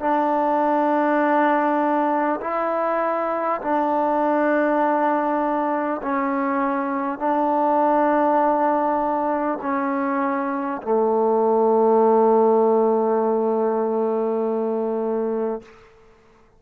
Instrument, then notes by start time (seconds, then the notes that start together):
trombone
0.00 D4
2.41 E4
3.61 D4
6.03 C#4
7.19 D4
9.62 C#4
10.82 A3